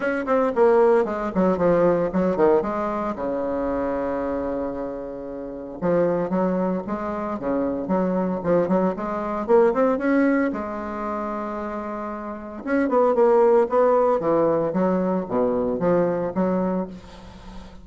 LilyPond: \new Staff \with { instrumentName = "bassoon" } { \time 4/4 \tempo 4 = 114 cis'8 c'8 ais4 gis8 fis8 f4 | fis8 dis8 gis4 cis2~ | cis2. f4 | fis4 gis4 cis4 fis4 |
f8 fis8 gis4 ais8 c'8 cis'4 | gis1 | cis'8 b8 ais4 b4 e4 | fis4 b,4 f4 fis4 | }